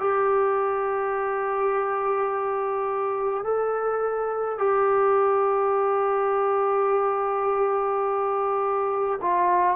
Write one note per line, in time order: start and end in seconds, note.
0.00 3.44 G4
3.44 4.58 A4
4.58 9.19 G4
9.21 9.76 F4